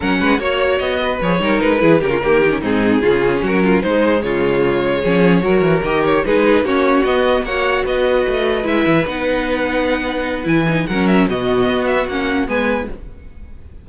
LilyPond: <<
  \new Staff \with { instrumentName = "violin" } { \time 4/4 \tempo 4 = 149 fis''4 cis''4 dis''4 cis''4 | b'4 ais'4. gis'4.~ | gis'8 ais'4 c''4 cis''4.~ | cis''2~ cis''8 dis''8 cis''8 b'8~ |
b'8 cis''4 dis''4 fis''4 dis''8~ | dis''4. e''4 fis''4.~ | fis''2 gis''4 fis''8 e''8 | dis''4. e''8 fis''4 gis''4 | }
  \new Staff \with { instrumentName = "violin" } { \time 4/4 ais'8 b'8 cis''4. b'4 ais'8~ | ais'8 gis'8 g'16 f'16 g'4 dis'4 f'8~ | f'8 fis'8 f'8 dis'4 f'4.~ | f'8 gis'4 ais'2 gis'8~ |
gis'8 fis'2 cis''4 b'8~ | b'1~ | b'2. ais'4 | fis'2. b'4 | }
  \new Staff \with { instrumentName = "viola" } { \time 4/4 cis'4 fis'2 gis'8 dis'8~ | dis'8 e'8 cis'8 ais8 dis'16 cis'16 c'4 cis'8~ | cis'4. gis2~ gis8~ | gis8 cis'4 fis'4 g'4 dis'8~ |
dis'8 cis'4 b4 fis'4.~ | fis'4. e'4 dis'4.~ | dis'2 e'8 dis'8 cis'4 | b2 cis'4 b4 | }
  \new Staff \with { instrumentName = "cello" } { \time 4/4 fis8 gis8 ais4 b4 f8 g8 | gis8 e8 cis8 dis4 gis,4 cis8~ | cis8 fis4 gis4 cis4.~ | cis8 f4 fis8 e8 dis4 gis8~ |
gis8 ais4 b4 ais4 b8~ | b8 a4 gis8 e8 b4.~ | b2 e4 fis4 | b,4 b4 ais4 gis4 | }
>>